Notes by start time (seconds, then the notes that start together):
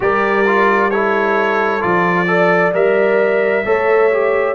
0.00 G3 G4 A#4 D5
0.46 F4
0.90 E4 A4 C#5
1.80 F3 F4 D5
2.27 A4 D5
2.73 G3 A#4 E5
3.65 A3 A4 C#5
4.11 G4